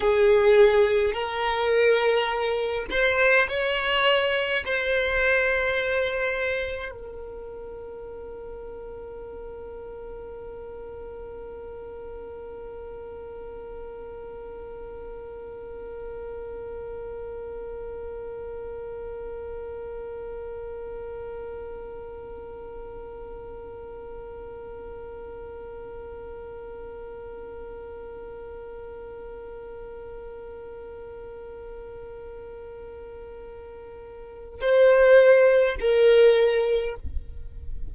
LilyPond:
\new Staff \with { instrumentName = "violin" } { \time 4/4 \tempo 4 = 52 gis'4 ais'4. c''8 cis''4 | c''2 ais'2~ | ais'1~ | ais'1~ |
ais'1~ | ais'1~ | ais'1~ | ais'2 c''4 ais'4 | }